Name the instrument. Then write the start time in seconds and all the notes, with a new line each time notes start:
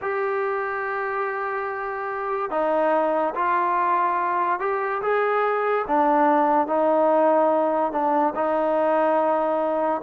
trombone
0.01 G4
2.50 D#4
3.34 F4
4.59 G4
5.02 G#4
5.87 D4
6.67 D#4
7.92 D4
8.35 D#4